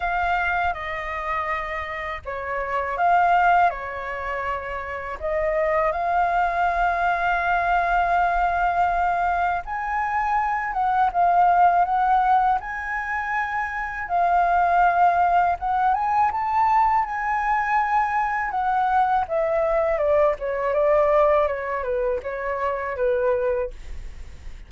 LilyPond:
\new Staff \with { instrumentName = "flute" } { \time 4/4 \tempo 4 = 81 f''4 dis''2 cis''4 | f''4 cis''2 dis''4 | f''1~ | f''4 gis''4. fis''8 f''4 |
fis''4 gis''2 f''4~ | f''4 fis''8 gis''8 a''4 gis''4~ | gis''4 fis''4 e''4 d''8 cis''8 | d''4 cis''8 b'8 cis''4 b'4 | }